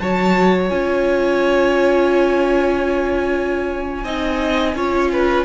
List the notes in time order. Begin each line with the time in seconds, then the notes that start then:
0.00 F#3 F#4 C#5 A5
0.70 C#4 F4 G#5
4.04 C4 D#4 D#5
4.75 C#4 F4 C#5
5.13 B4